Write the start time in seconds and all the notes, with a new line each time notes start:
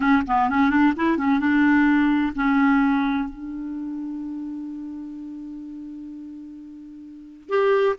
0.00 C#4
0.27 B3
0.49 C#4
0.69 D4
0.96 E4
1.17 C#4
1.39 D4
2.35 C#4
3.29 D4
7.49 G4